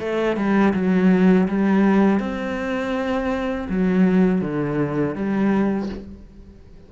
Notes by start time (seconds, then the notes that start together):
0.00 A3
0.37 G3
0.74 F#3
1.48 G3
2.20 C4
3.69 F#3
4.42 D3
5.16 G3